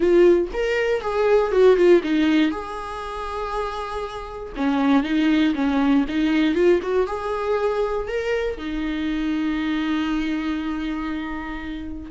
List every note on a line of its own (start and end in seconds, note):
0.00 0.47 F4
0.53 1.01 A#4
1.01 1.51 G#4
1.51 1.76 F#4
1.76 2.01 F4
2.03 2.51 D#4
2.51 4.52 G#4
4.56 5.03 C#4
5.03 5.53 D#4
5.54 6.05 C#4
6.08 6.54 D#4
6.54 6.80 F4
6.82 7.06 F#4
7.06 8.07 G#4
8.07 8.57 A#4
8.57 12.10 D#4